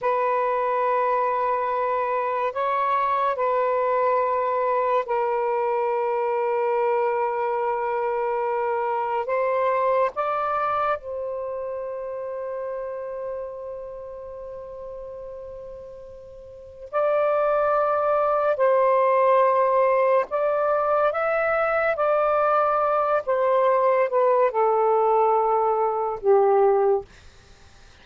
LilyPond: \new Staff \with { instrumentName = "saxophone" } { \time 4/4 \tempo 4 = 71 b'2. cis''4 | b'2 ais'2~ | ais'2. c''4 | d''4 c''2.~ |
c''1 | d''2 c''2 | d''4 e''4 d''4. c''8~ | c''8 b'8 a'2 g'4 | }